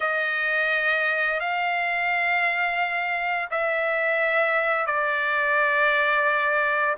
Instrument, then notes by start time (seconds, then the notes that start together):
trumpet
0.00 D#5
1.40 F5
3.50 E5
4.86 D5